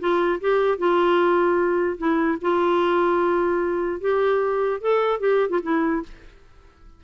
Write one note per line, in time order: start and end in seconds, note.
0.00 0.40 F4
0.41 0.79 G4
0.79 1.98 F4
1.98 2.39 E4
2.42 4.01 F4
4.01 4.82 G4
4.82 5.20 A4
5.20 5.50 G4
5.50 5.60 F4
5.63 6.03 E4